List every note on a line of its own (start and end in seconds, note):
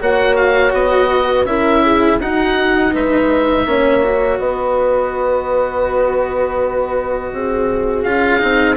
0.00 0.73 A#3
0.00 1.47 F#4
0.00 1.10 C#5
0.00 0.36 F#5
0.36 0.73 F5
0.73 1.45 B3
0.73 1.46 D#5
1.12 1.48 B4
1.45 2.18 C#4
1.45 2.21 E4
1.45 1.83 A#4
1.45 2.19 E5
1.83 2.20 G#4
2.20 2.93 D#4
2.20 3.68 D#4
2.20 2.93 F#4
2.20 2.95 F#5
2.93 3.66 G#3
2.93 3.67 B4
2.93 4.39 E5
3.66 4.39 A#3
3.66 4.04 C#4
3.66 4.40 C#5
4.04 8.06 F#4
4.39 7.32 B3
4.39 7.33 B4
4.39 8.03 D#5
7.33 8.04 C4
7.33 8.77 G#4
8.03 8.41 C#4
8.03 8.39 F4
8.03 8.76 F5
8.39 8.77 C4
8.39 8.75 D#4